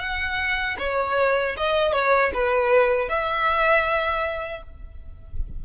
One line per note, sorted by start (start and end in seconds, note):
0.00 0.77 F#5
0.79 1.56 C#5
1.57 1.93 D#5
1.93 2.31 C#5
2.34 3.09 B4
3.09 4.63 E5